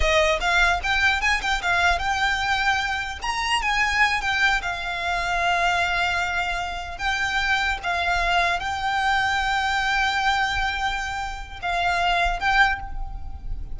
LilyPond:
\new Staff \with { instrumentName = "violin" } { \time 4/4 \tempo 4 = 150 dis''4 f''4 g''4 gis''8 g''8 | f''4 g''2. | ais''4 gis''4. g''4 f''8~ | f''1~ |
f''4. g''2 f''8~ | f''4. g''2~ g''8~ | g''1~ | g''4 f''2 g''4 | }